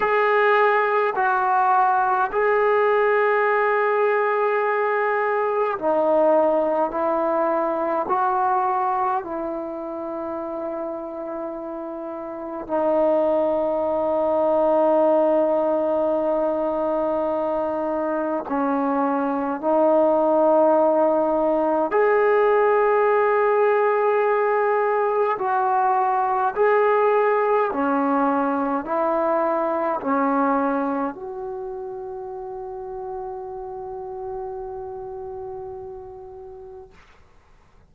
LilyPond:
\new Staff \with { instrumentName = "trombone" } { \time 4/4 \tempo 4 = 52 gis'4 fis'4 gis'2~ | gis'4 dis'4 e'4 fis'4 | e'2. dis'4~ | dis'1 |
cis'4 dis'2 gis'4~ | gis'2 fis'4 gis'4 | cis'4 e'4 cis'4 fis'4~ | fis'1 | }